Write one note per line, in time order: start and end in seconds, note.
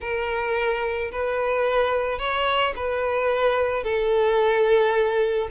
0.01 1.11 A#4
1.11 2.18 B4
2.18 2.73 C#5
2.75 3.83 B4
3.83 5.48 A4